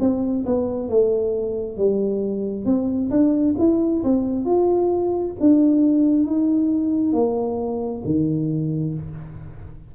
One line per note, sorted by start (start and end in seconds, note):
0.00 0.45 C4
0.46 0.89 B3
0.89 1.77 A3
1.77 2.65 G3
2.65 3.10 C4
3.11 3.55 D4
3.59 4.03 E4
4.04 4.45 C4
4.45 5.35 F4
5.40 6.27 D4
6.27 7.13 D#4
7.13 8.02 A#3
8.05 8.95 D#3